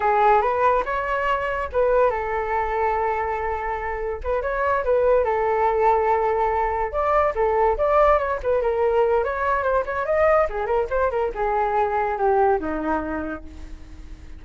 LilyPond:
\new Staff \with { instrumentName = "flute" } { \time 4/4 \tempo 4 = 143 gis'4 b'4 cis''2 | b'4 a'2.~ | a'2 b'8 cis''4 b'8~ | b'8 a'2.~ a'8~ |
a'8 d''4 a'4 d''4 cis''8 | b'8 ais'4. cis''4 c''8 cis''8 | dis''4 gis'8 ais'8 c''8 ais'8 gis'4~ | gis'4 g'4 dis'2 | }